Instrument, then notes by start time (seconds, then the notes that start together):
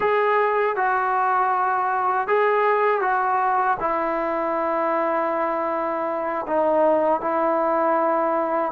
trombone
0.00 G#4
0.76 F#4
2.27 G#4
3.01 F#4
3.80 E4
6.47 D#4
7.20 E4